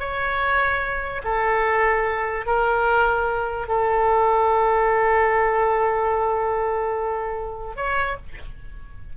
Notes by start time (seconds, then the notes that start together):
0.00 C#5
1.24 A4
2.47 A#4
3.68 A4
7.76 C#5